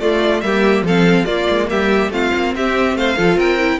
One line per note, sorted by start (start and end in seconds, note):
0.00 0.42 A3
0.00 0.43 A3
0.00 0.43 F4
0.00 0.41 D5
0.41 0.82 G3
0.41 0.86 A#3
0.41 0.86 G4
0.41 0.84 E5
0.82 1.24 F3
0.82 1.26 A4
0.82 1.25 F5
0.88 1.26 C4
1.25 2.11 A#3
1.25 1.48 A#3
1.25 1.68 F4
1.25 1.67 D5
1.50 1.71 G#3
1.70 2.09 G3
1.70 2.13 G4
1.70 2.12 E5
2.09 2.31 A3
2.09 3.17 C4
2.09 2.55 F4
2.09 2.55 F5
2.35 2.56 A#3
2.56 2.96 C4
2.56 2.99 G4
2.56 2.97 E5
2.96 3.17 A3
2.96 3.17 C5
2.96 3.39 F5
3.17 3.36 F3
3.17 3.59 F4
3.17 3.37 A4
3.36 3.78 C4
3.36 3.80 A#4
3.36 3.80 G5
3.59 3.80 E4